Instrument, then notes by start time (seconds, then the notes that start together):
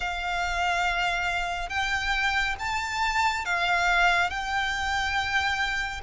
violin
0.00 F5
1.69 G5
2.59 A5
3.45 F5
4.29 G5